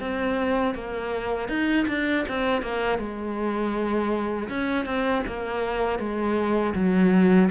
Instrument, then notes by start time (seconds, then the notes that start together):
cello
0.00 C4
0.75 A#3
1.49 D#4
1.88 D4
2.28 C4
2.62 A#3
2.99 G#3
4.49 C#4
4.85 C4
5.27 A#3
5.99 G#3
6.75 F#3